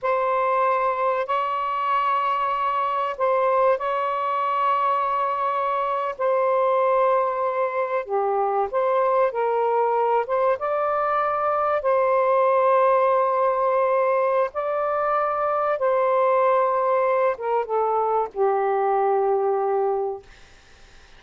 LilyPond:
\new Staff \with { instrumentName = "saxophone" } { \time 4/4 \tempo 4 = 95 c''2 cis''2~ | cis''4 c''4 cis''2~ | cis''4.~ cis''16 c''2~ c''16~ | c''8. g'4 c''4 ais'4~ ais'16~ |
ais'16 c''8 d''2 c''4~ c''16~ | c''2. d''4~ | d''4 c''2~ c''8 ais'8 | a'4 g'2. | }